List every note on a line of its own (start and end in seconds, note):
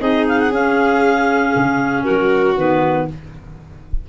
0.00 0.50 C4
0.00 0.51 D#4
0.00 2.04 G#4
0.00 0.26 D#5
0.28 0.40 F5
0.40 0.53 F#5
0.50 1.52 C#4
0.50 2.56 C#4
0.50 2.04 F5
1.56 2.07 C#3
2.04 2.56 F#3
2.04 3.06 F#4
2.04 2.55 A#4
2.56 3.07 D#3
2.56 3.09 B3
2.56 3.08 B4